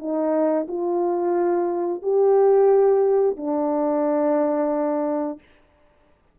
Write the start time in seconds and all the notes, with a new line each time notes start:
0.00 D#4
0.69 F4
2.03 G4
3.37 D4